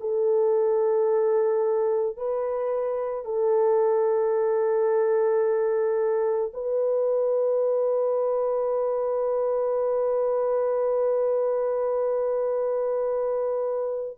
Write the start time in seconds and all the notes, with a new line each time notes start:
0.00 A4
2.17 B4
3.25 A4
6.54 B4